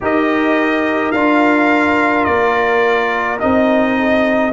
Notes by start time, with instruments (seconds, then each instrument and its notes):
0.00 tuba D#4, trombone G4, horn A#4, trumpet D#5
1.11 tuba D4, trombone F4, trumpet F5
2.24 tuba A#3, trumpet D5
3.38 tuba C4, trombone D#4, trumpet D#5
3.98 horn A4